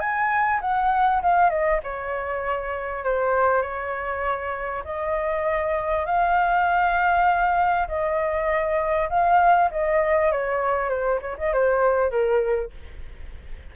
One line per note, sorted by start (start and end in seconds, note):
0.00 0.61 G#5
0.61 1.22 F#5
1.22 1.50 F5
1.50 1.80 D#5
1.83 3.04 C#5
3.04 3.62 C5
3.62 4.83 C#5
4.85 6.06 D#5
6.06 7.88 F5
7.88 9.09 D#5
9.10 9.70 F5
9.71 10.32 D#5
10.32 10.90 C#5
10.90 11.20 C5
11.22 11.37 C#5
11.38 11.53 D#5
11.53 12.11 C5
12.11 12.71 A#4